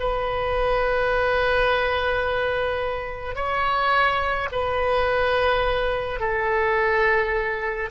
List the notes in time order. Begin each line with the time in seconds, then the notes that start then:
0.00 B4
3.36 C#5
4.52 B4
6.21 A4